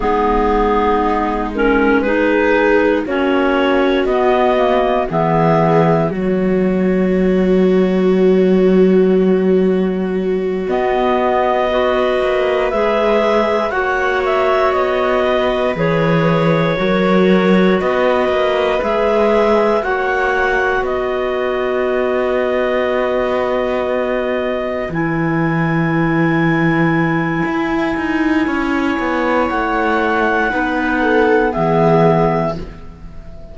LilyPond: <<
  \new Staff \with { instrumentName = "clarinet" } { \time 4/4 \tempo 4 = 59 gis'4. ais'8 b'4 cis''4 | dis''4 e''4 cis''2~ | cis''2~ cis''8 dis''4.~ | dis''8 e''4 fis''8 e''8 dis''4 cis''8~ |
cis''4. dis''4 e''4 fis''8~ | fis''8 dis''2.~ dis''8~ | dis''8 gis''2.~ gis''8~ | gis''4 fis''2 e''4 | }
  \new Staff \with { instrumentName = "viola" } { \time 4/4 dis'2 gis'4 fis'4~ | fis'4 gis'4 fis'2~ | fis'2.~ fis'8 b'8~ | b'4. cis''4. b'4~ |
b'8 ais'4 b'2 cis''8~ | cis''8 b'2.~ b'8~ | b'1 | cis''2 b'8 a'8 gis'4 | }
  \new Staff \with { instrumentName = "clarinet" } { \time 4/4 b4. cis'8 dis'4 cis'4 | b8 ais8 b4 ais2~ | ais2~ ais8 b4 fis'8~ | fis'8 gis'4 fis'2 gis'8~ |
gis'8 fis'2 gis'4 fis'8~ | fis'1~ | fis'8 e'2.~ e'8~ | e'2 dis'4 b4 | }
  \new Staff \with { instrumentName = "cello" } { \time 4/4 gis2. ais4 | b4 e4 fis2~ | fis2~ fis8 b4. | ais8 gis4 ais4 b4 e8~ |
e8 fis4 b8 ais8 gis4 ais8~ | ais8 b2.~ b8~ | b8 e2~ e8 e'8 dis'8 | cis'8 b8 a4 b4 e4 | }
>>